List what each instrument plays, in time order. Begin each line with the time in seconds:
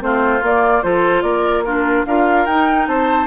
0.00 bassoon A3, clarinet C4, oboe F4, flute C5
0.42 bassoon A#3, clarinet A#3, flute D5
0.83 bassoon F3, clarinet F4, oboe A4, flute C5
1.22 bassoon A#3, oboe A#4, flute D5
1.64 clarinet D4, oboe F4, flute A#4
2.05 bassoon D4, clarinet F4, oboe A#4, flute F5
2.46 bassoon D#4, clarinet D#4, flute G5
2.87 bassoon C4, oboe C5, flute A5